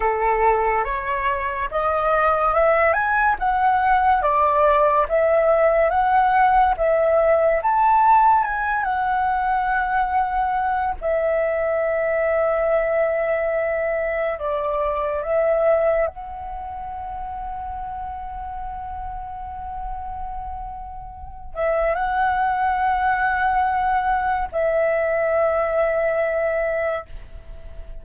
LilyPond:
\new Staff \with { instrumentName = "flute" } { \time 4/4 \tempo 4 = 71 a'4 cis''4 dis''4 e''8 gis''8 | fis''4 d''4 e''4 fis''4 | e''4 a''4 gis''8 fis''4.~ | fis''4 e''2.~ |
e''4 d''4 e''4 fis''4~ | fis''1~ | fis''4. e''8 fis''2~ | fis''4 e''2. | }